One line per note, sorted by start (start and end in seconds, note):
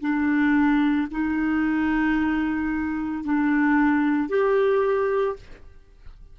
0.00 1.07 D4
1.11 3.24 D#4
3.24 4.29 D4
4.29 5.36 G4